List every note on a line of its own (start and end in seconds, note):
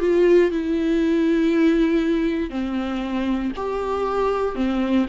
0.00 0.51 F4
0.51 2.50 E4
2.50 3.52 C4
3.56 4.55 G4
4.55 5.06 C4